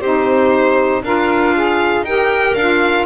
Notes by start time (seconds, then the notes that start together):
0.00 C4 D#4 G4 C5
1.02 D4 F4 A#4 F5
1.54 G#4
2.01 D#4 G4 A#4 G5
2.54 D4 F4 F5